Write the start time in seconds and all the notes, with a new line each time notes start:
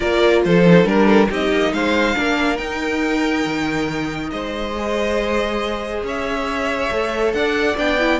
0.00 A#3 F4 A#4 D5
0.44 F3 A4 C5
0.66 D#4
0.84 G3 D4 A#4
1.05 A4
1.29 C4 D#4 G4 D#5
1.51 A#3
1.72 G#3 C5 F5
2.15 A#3 D4 A#4
2.57 D#4 G5
3.45 D#3
4.30 G#3 C5 D#5
4.76 G#4
6.03 C#4 C#5 E5
6.91 A3 A4
7.33 D4 D5 F#5
7.76 B3 D4 G5
7.99 E4